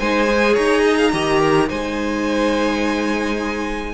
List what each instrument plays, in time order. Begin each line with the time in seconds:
0.00 cello G#3, viola D#4, violin C5 G#5
0.28 viola G#4
0.54 cello D#4, violin C#5 A#5
0.83 violin D#5
0.98 violin F5
1.14 cello D#3, viola G4, violin D#5
1.41 violin A#4
1.67 cello G#3, viola D#4, violin C5 G#5